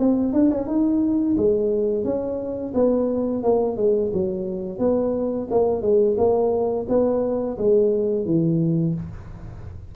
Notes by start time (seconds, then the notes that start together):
0.00 C4
0.33 D4
0.51 C#4
0.67 D#4
1.37 G#3
2.04 C#4
2.75 B3
3.44 A#3
3.77 G#3
4.13 F#3
4.79 B3
5.51 A#3
5.82 G#3
6.18 A#3
6.89 B3
7.58 G#3
8.26 E3